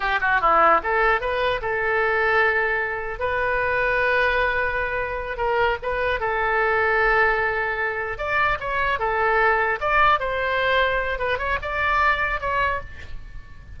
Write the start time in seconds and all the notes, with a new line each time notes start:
0.00 G4
0.20 F#4
0.41 E4
0.83 A4
1.21 B4
1.61 A4
3.19 B4
5.37 A#4
5.82 B4
6.20 A4
8.18 D5
8.59 C#5
8.99 A4
9.80 D5
10.19 C5
11.18 B4
11.38 C#5
11.62 D5
12.40 C#5